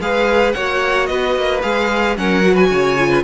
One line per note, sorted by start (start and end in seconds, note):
0.00 0.54 G#3
0.00 0.55 G#4
0.00 0.55 B4
0.00 0.52 F5
0.52 1.09 A#3
0.52 1.62 F#4
0.52 1.09 C#5
0.52 1.06 F#5
1.06 1.36 B3
1.06 2.17 B4
1.06 1.60 D#5
1.36 1.63 A#3
1.62 2.17 G#3
1.62 2.16 G#4
1.62 2.16 F5
2.17 2.70 F#3
2.17 2.42 C#4
2.17 2.53 A#4
2.17 2.55 F#5
2.42 2.97 F#4
2.53 2.67 B4
2.53 3.23 G#5
2.70 3.24 C#3
2.70 3.09 C#5
2.98 3.24 F4
3.09 3.22 B4